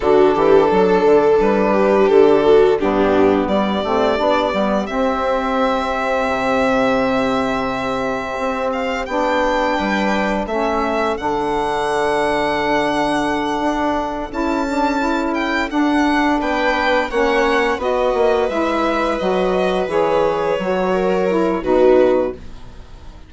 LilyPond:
<<
  \new Staff \with { instrumentName = "violin" } { \time 4/4 \tempo 4 = 86 a'2 b'4 a'4 | g'4 d''2 e''4~ | e''1~ | e''8 f''8 g''2 e''4 |
fis''1~ | fis''8 a''4. g''8 fis''4 g''8~ | g''8 fis''4 dis''4 e''4 dis''8~ | dis''8 cis''2~ cis''8 b'4 | }
  \new Staff \with { instrumentName = "viola" } { \time 4/4 fis'8 g'8 a'4. g'4 fis'8 | d'4 g'2.~ | g'1~ | g'2 b'4 a'4~ |
a'1~ | a'2.~ a'8 b'8~ | b'8 cis''4 b'2~ b'8~ | b'2 ais'4 fis'4 | }
  \new Staff \with { instrumentName = "saxophone" } { \time 4/4 d'1 | b4. c'8 d'8 b8 c'4~ | c'1~ | c'4 d'2 cis'4 |
d'1~ | d'8 e'8 d'8 e'4 d'4.~ | d'8 cis'4 fis'4 e'4 fis'8~ | fis'8 gis'4 fis'4 e'8 dis'4 | }
  \new Staff \with { instrumentName = "bassoon" } { \time 4/4 d8 e8 fis8 d8 g4 d4 | g,4 g8 a8 b8 g8 c'4~ | c'4 c2. | c'4 b4 g4 a4 |
d2.~ d8 d'8~ | d'8 cis'2 d'4 b8~ | b8 ais4 b8 ais8 gis4 fis8~ | fis8 e4 fis4. b,4 | }
>>